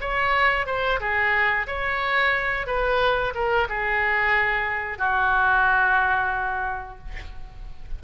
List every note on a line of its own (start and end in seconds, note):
0.00 0.66 C#5
0.66 0.99 C5
1.00 1.66 G#4
1.67 2.66 C#5
2.66 3.33 B4
3.34 3.67 A#4
3.69 4.98 G#4
4.98 6.98 F#4